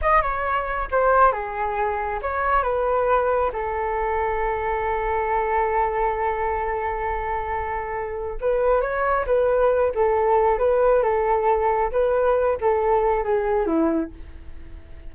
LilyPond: \new Staff \with { instrumentName = "flute" } { \time 4/4 \tempo 4 = 136 dis''8 cis''4. c''4 gis'4~ | gis'4 cis''4 b'2 | a'1~ | a'1~ |
a'2. b'4 | cis''4 b'4. a'4. | b'4 a'2 b'4~ | b'8 a'4. gis'4 e'4 | }